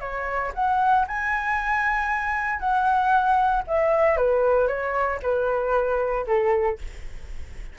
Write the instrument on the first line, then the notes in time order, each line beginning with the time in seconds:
flute
0.00 C#5
0.54 F#5
1.07 G#5
2.59 F#5
3.67 E5
4.17 B4
4.67 C#5
5.22 B4
6.26 A4